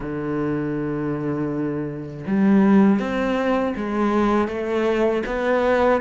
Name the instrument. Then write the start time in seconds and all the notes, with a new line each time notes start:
cello
0.00 D3
2.26 G3
2.99 C4
3.76 G#3
4.48 A3
5.26 B3